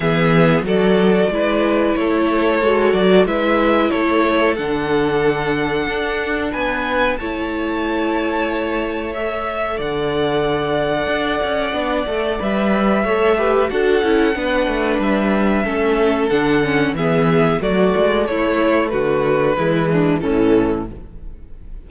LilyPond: <<
  \new Staff \with { instrumentName = "violin" } { \time 4/4 \tempo 4 = 92 e''4 d''2 cis''4~ | cis''8 d''8 e''4 cis''4 fis''4~ | fis''2 gis''4 a''4~ | a''2 e''4 fis''4~ |
fis''2. e''4~ | e''4 fis''2 e''4~ | e''4 fis''4 e''4 d''4 | cis''4 b'2 a'4 | }
  \new Staff \with { instrumentName = "violin" } { \time 4/4 gis'4 a'4 b'4 a'4~ | a'4 b'4 a'2~ | a'2 b'4 cis''4~ | cis''2. d''4~ |
d''1 | cis''8 b'8 a'4 b'2 | a'2 gis'4 fis'4 | e'4 fis'4 e'8 d'8 cis'4 | }
  \new Staff \with { instrumentName = "viola" } { \time 4/4 b4 fis'4 e'2 | fis'4 e'2 d'4~ | d'2. e'4~ | e'2 a'2~ |
a'2 d'8 a'8 b'4 | a'8 g'8 fis'8 e'8 d'2 | cis'4 d'8 cis'8 b4 a4~ | a2 gis4 e4 | }
  \new Staff \with { instrumentName = "cello" } { \time 4/4 e4 fis4 gis4 a4 | gis8 fis8 gis4 a4 d4~ | d4 d'4 b4 a4~ | a2. d4~ |
d4 d'8 cis'8 b8 a8 g4 | a4 d'8 cis'8 b8 a8 g4 | a4 d4 e4 fis8 gis8 | a4 d4 e4 a,4 | }
>>